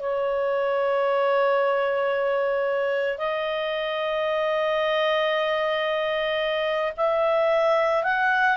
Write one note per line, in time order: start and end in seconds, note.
0.00 3.18 C#5
3.18 6.93 D#5
6.97 8.04 E5
8.04 8.57 F#5